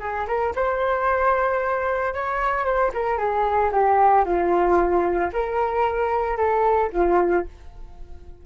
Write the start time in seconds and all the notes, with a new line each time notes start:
0.00 G#4
0.28 A#4
0.56 C5
2.14 C#5
2.65 C5
2.94 A#4
3.18 G#4
3.72 G4
4.25 F4
5.33 A#4
6.37 A4
6.93 F4